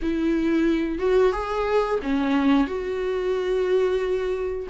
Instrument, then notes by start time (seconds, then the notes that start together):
viola
0.02 E4
0.98 F#4
1.32 G#4
2.02 C#4
2.67 F#4